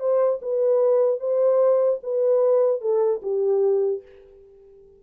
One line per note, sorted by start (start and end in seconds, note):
0.00 0.40 C5
0.42 1.20 B4
1.20 2.00 C5
2.03 2.81 B4
2.81 3.21 A4
3.22 4.02 G4